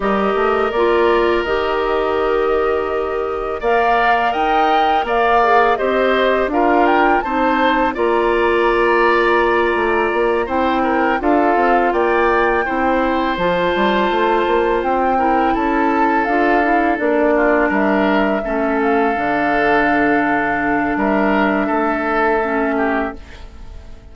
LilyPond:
<<
  \new Staff \with { instrumentName = "flute" } { \time 4/4 \tempo 4 = 83 dis''4 d''4 dis''2~ | dis''4 f''4 g''4 f''4 | dis''4 f''8 g''8 a''4 ais''4~ | ais''2~ ais''8 g''4 f''8~ |
f''8 g''2 a''4.~ | a''8 g''4 a''4 f''4 d''8~ | d''8 e''4. f''2~ | f''4 e''2. | }
  \new Staff \with { instrumentName = "oboe" } { \time 4/4 ais'1~ | ais'4 d''4 dis''4 d''4 | c''4 ais'4 c''4 d''4~ | d''2~ d''8 c''8 ais'8 a'8~ |
a'8 d''4 c''2~ c''8~ | c''4 ais'8 a'2~ a'8 | f'8 ais'4 a'2~ a'8~ | a'4 ais'4 a'4. g'8 | }
  \new Staff \with { instrumentName = "clarinet" } { \time 4/4 g'4 f'4 g'2~ | g'4 ais'2~ ais'8 gis'8 | g'4 f'4 dis'4 f'4~ | f'2~ f'8 e'4 f'8~ |
f'4. e'4 f'4.~ | f'4 e'4. f'8 e'8 d'8~ | d'4. cis'4 d'4.~ | d'2. cis'4 | }
  \new Staff \with { instrumentName = "bassoon" } { \time 4/4 g8 a8 ais4 dis2~ | dis4 ais4 dis'4 ais4 | c'4 d'4 c'4 ais4~ | ais4. a8 ais8 c'4 d'8 |
c'8 ais4 c'4 f8 g8 a8 | ais8 c'4 cis'4 d'4 ais8~ | ais8 g4 a4 d4.~ | d4 g4 a2 | }
>>